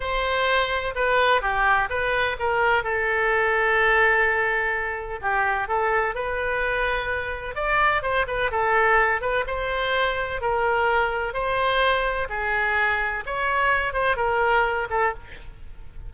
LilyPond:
\new Staff \with { instrumentName = "oboe" } { \time 4/4 \tempo 4 = 127 c''2 b'4 g'4 | b'4 ais'4 a'2~ | a'2. g'4 | a'4 b'2. |
d''4 c''8 b'8 a'4. b'8 | c''2 ais'2 | c''2 gis'2 | cis''4. c''8 ais'4. a'8 | }